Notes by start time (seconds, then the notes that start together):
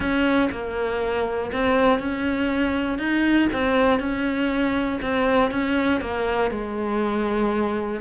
0.00 C#4
0.51 A#3
1.52 C4
1.99 C#4
2.98 D#4
3.52 C4
3.99 C#4
5.01 C4
5.51 C#4
6.00 A#3
6.50 G#3